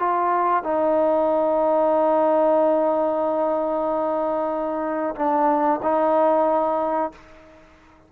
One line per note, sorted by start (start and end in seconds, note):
0.00 0.64 F4
0.64 5.15 D#4
5.16 5.80 D4
5.83 7.12 D#4